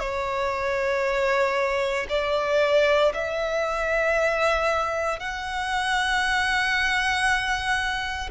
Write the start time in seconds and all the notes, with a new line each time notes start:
0.00 C#5
2.09 D5
3.15 E5
5.20 F#5